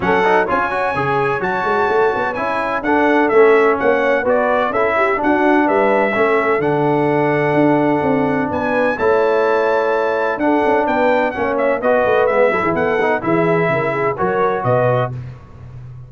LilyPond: <<
  \new Staff \with { instrumentName = "trumpet" } { \time 4/4 \tempo 4 = 127 fis''4 gis''2 a''4~ | a''4 gis''4 fis''4 e''4 | fis''4 d''4 e''4 fis''4 | e''2 fis''2~ |
fis''2 gis''4 a''4~ | a''2 fis''4 g''4 | fis''8 e''8 dis''4 e''4 fis''4 | e''2 cis''4 dis''4 | }
  \new Staff \with { instrumentName = "horn" } { \time 4/4 a'4 cis''2.~ | cis''2 a'2 | cis''4 b'4 a'8 g'8 fis'4 | b'4 a'2.~ |
a'2 b'4 cis''4~ | cis''2 a'4 b'4 | cis''4 b'4. a'16 gis'16 a'4 | gis'4 ais'8 gis'8 ais'4 b'4 | }
  \new Staff \with { instrumentName = "trombone" } { \time 4/4 cis'8 dis'8 f'8 fis'8 gis'4 fis'4~ | fis'4 e'4 d'4 cis'4~ | cis'4 fis'4 e'4 d'4~ | d'4 cis'4 d'2~ |
d'2. e'4~ | e'2 d'2 | cis'4 fis'4 b8 e'4 dis'8 | e'2 fis'2 | }
  \new Staff \with { instrumentName = "tuba" } { \time 4/4 fis4 cis'4 cis4 fis8 gis8 | a8 b8 cis'4 d'4 a4 | ais4 b4 cis'4 d'4 | g4 a4 d2 |
d'4 c'4 b4 a4~ | a2 d'8 cis'8 b4 | ais4 b8 a8 gis8 fis16 e16 b4 | e4 cis4 fis4 b,4 | }
>>